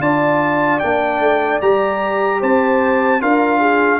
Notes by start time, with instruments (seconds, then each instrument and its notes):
0.00 tuba D4, trombone F4, horn D5, trumpet A5
0.80 tuba A#3, trombone D4, trumpet G5
1.20 tuba A3
1.62 tuba G3, trombone G4, trumpet A#5
2.41 tuba C4, horn C5, trumpet A5
3.21 tuba D4, trombone F4, horn A#4, trumpet F5
3.60 horn G#4